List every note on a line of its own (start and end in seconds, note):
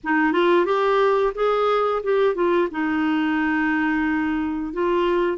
0.03 0.32 D#4
0.32 0.65 F4
0.65 1.33 G4
1.35 2.02 G#4
2.03 2.34 G4
2.34 2.68 F4
2.71 4.73 D#4
4.73 5.37 F4